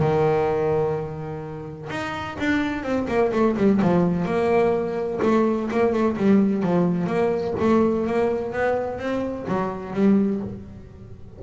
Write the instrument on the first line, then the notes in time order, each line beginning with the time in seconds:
double bass
0.00 D#3
1.90 D#4
2.40 D4
2.83 C4
3.08 A#3
3.33 A3
3.57 G3
3.82 F3
4.26 A#3
5.23 A3
5.71 A#3
5.94 A3
6.17 G3
6.63 F3
7.07 A#3
7.61 A3
8.07 A#3
8.53 B3
8.99 C4
9.48 F#3
9.94 G3